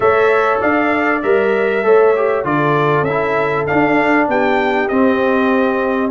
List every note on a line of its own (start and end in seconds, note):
0.00 0.59 A3
0.00 1.22 A4
0.00 0.60 C#5
0.00 0.61 E5
0.60 1.23 D4
0.60 1.83 D5
0.60 1.22 F5
1.22 1.84 G3
1.22 1.83 A#4
1.22 2.45 E5
1.83 2.44 A3
1.83 2.14 A4
1.83 2.46 C#5
2.16 2.44 G4
2.44 3.02 D3
2.44 3.05 F4
2.44 4.29 A4
2.44 3.04 D5
3.02 3.63 C#4
3.02 3.65 E5
3.09 3.67 E4
3.66 4.89 D4
3.66 4.28 D4
3.66 4.28 F5
4.28 4.89 B3
4.28 6.11 G4
4.28 4.88 G5
4.88 6.11 C4
4.88 6.10 D#5